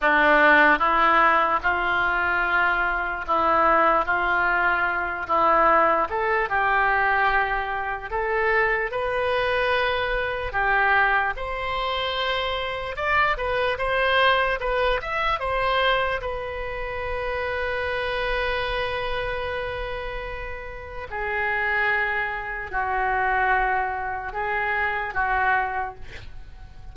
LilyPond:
\new Staff \with { instrumentName = "oboe" } { \time 4/4 \tempo 4 = 74 d'4 e'4 f'2 | e'4 f'4. e'4 a'8 | g'2 a'4 b'4~ | b'4 g'4 c''2 |
d''8 b'8 c''4 b'8 e''8 c''4 | b'1~ | b'2 gis'2 | fis'2 gis'4 fis'4 | }